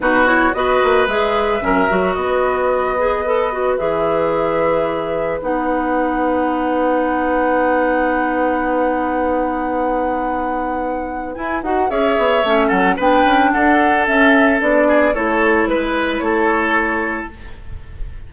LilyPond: <<
  \new Staff \with { instrumentName = "flute" } { \time 4/4 \tempo 4 = 111 b'8 cis''8 dis''4 e''2 | dis''2. e''4~ | e''2 fis''2~ | fis''1~ |
fis''1~ | fis''4 gis''8 fis''8 e''4. fis''8 | g''4 fis''4 e''4 d''4 | cis''4 b'4 cis''2 | }
  \new Staff \with { instrumentName = "oboe" } { \time 4/4 fis'4 b'2 ais'4 | b'1~ | b'1~ | b'1~ |
b'1~ | b'2 cis''4. a'8 | b'4 a'2~ a'8 gis'8 | a'4 b'4 a'2 | }
  \new Staff \with { instrumentName = "clarinet" } { \time 4/4 dis'8 e'8 fis'4 gis'4 cis'8 fis'8~ | fis'4. gis'8 a'8 fis'8 gis'4~ | gis'2 dis'2~ | dis'1~ |
dis'1~ | dis'4 e'8 fis'8 gis'4 cis'4 | d'2 cis'4 d'4 | e'1 | }
  \new Staff \with { instrumentName = "bassoon" } { \time 4/4 b,4 b8 ais8 gis4 fis,8 fis8 | b2. e4~ | e2 b2~ | b1~ |
b1~ | b4 e'8 dis'8 cis'8 b8 a8 fis8 | b8 cis'8 d'4 cis'4 b4 | a4 gis4 a2 | }
>>